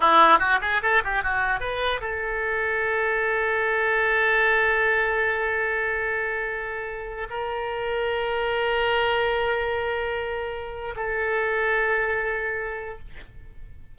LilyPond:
\new Staff \with { instrumentName = "oboe" } { \time 4/4 \tempo 4 = 148 e'4 fis'8 gis'8 a'8 g'8 fis'4 | b'4 a'2.~ | a'1~ | a'1~ |
a'2 ais'2~ | ais'1~ | ais'2. a'4~ | a'1 | }